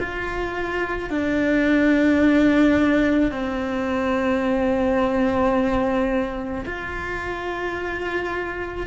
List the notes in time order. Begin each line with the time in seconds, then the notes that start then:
0.00 F4
1.10 D4
3.32 C4
6.66 F4